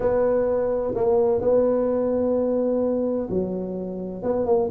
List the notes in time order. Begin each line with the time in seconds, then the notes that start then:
0.00 B3
0.94 A#3
1.41 B3
3.29 F#3
4.22 B3
4.46 A#3